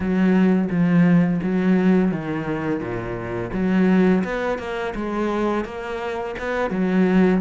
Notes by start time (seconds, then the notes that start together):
0.00 F#3
0.69 F3
1.42 F#3
2.11 D#3
2.80 A#2
3.53 F#3
4.24 B3
4.58 A#3
4.95 G#3
5.64 A#3
6.39 B3
6.70 F#3